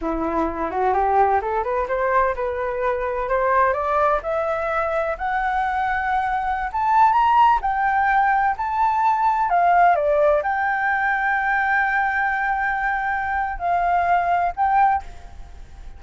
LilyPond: \new Staff \with { instrumentName = "flute" } { \time 4/4 \tempo 4 = 128 e'4. fis'8 g'4 a'8 b'8 | c''4 b'2 c''4 | d''4 e''2 fis''4~ | fis''2~ fis''16 a''4 ais''8.~ |
ais''16 g''2 a''4.~ a''16~ | a''16 f''4 d''4 g''4.~ g''16~ | g''1~ | g''4 f''2 g''4 | }